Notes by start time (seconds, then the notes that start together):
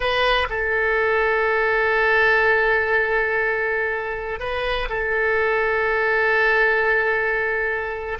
0.00 B4
0.49 A4
4.39 B4
4.89 A4